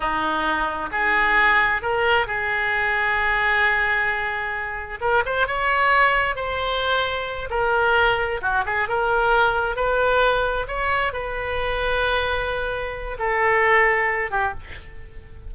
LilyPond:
\new Staff \with { instrumentName = "oboe" } { \time 4/4 \tempo 4 = 132 dis'2 gis'2 | ais'4 gis'2.~ | gis'2. ais'8 c''8 | cis''2 c''2~ |
c''8 ais'2 fis'8 gis'8 ais'8~ | ais'4. b'2 cis''8~ | cis''8 b'2.~ b'8~ | b'4 a'2~ a'8 g'8 | }